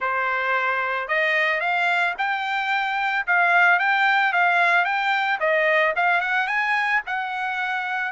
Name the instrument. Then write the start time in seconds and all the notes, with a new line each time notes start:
trumpet
0.00 C5
1.07 D#5
1.60 F5
2.17 G5
3.27 F5
3.79 G5
4.32 F5
4.84 G5
5.40 D#5
5.96 F5
6.20 F#5
6.47 G#5
7.06 F#5